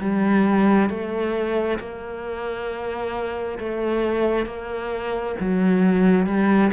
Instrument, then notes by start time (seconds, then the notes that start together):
cello
0.00 G3
0.89 A3
1.79 A#3
3.59 A3
4.46 A#3
5.40 F#3
6.26 G3